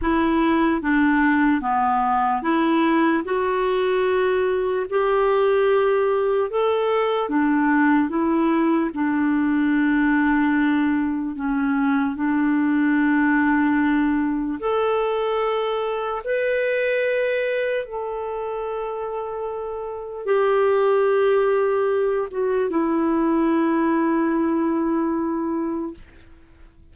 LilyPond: \new Staff \with { instrumentName = "clarinet" } { \time 4/4 \tempo 4 = 74 e'4 d'4 b4 e'4 | fis'2 g'2 | a'4 d'4 e'4 d'4~ | d'2 cis'4 d'4~ |
d'2 a'2 | b'2 a'2~ | a'4 g'2~ g'8 fis'8 | e'1 | }